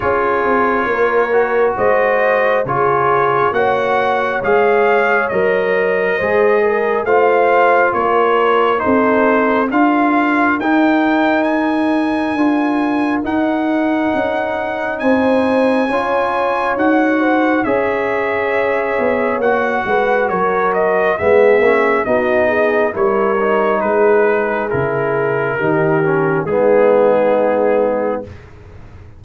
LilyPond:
<<
  \new Staff \with { instrumentName = "trumpet" } { \time 4/4 \tempo 4 = 68 cis''2 dis''4 cis''4 | fis''4 f''4 dis''2 | f''4 cis''4 c''4 f''4 | g''4 gis''2 fis''4~ |
fis''4 gis''2 fis''4 | e''2 fis''4 cis''8 dis''8 | e''4 dis''4 cis''4 b'4 | ais'2 gis'2 | }
  \new Staff \with { instrumentName = "horn" } { \time 4/4 gis'4 ais'4 c''4 gis'4 | cis''2. c''8 ais'8 | c''4 ais'4 a'4 ais'4~ | ais'1~ |
ais'4 c''4 cis''4. c''8 | cis''2~ cis''8 b'8 ais'4 | gis'4 fis'8 gis'8 ais'4 gis'4~ | gis'4 g'4 dis'2 | }
  \new Staff \with { instrumentName = "trombone" } { \time 4/4 f'4. fis'4. f'4 | fis'4 gis'4 ais'4 gis'4 | f'2 dis'4 f'4 | dis'2 f'4 dis'4~ |
dis'2 f'4 fis'4 | gis'2 fis'2 | b8 cis'8 dis'4 e'8 dis'4. | e'4 dis'8 cis'8 b2 | }
  \new Staff \with { instrumentName = "tuba" } { \time 4/4 cis'8 c'8 ais4 gis4 cis4 | ais4 gis4 fis4 gis4 | a4 ais4 c'4 d'4 | dis'2 d'4 dis'4 |
cis'4 c'4 cis'4 dis'4 | cis'4. b8 ais8 gis8 fis4 | gis8 ais8 b4 g4 gis4 | cis4 dis4 gis2 | }
>>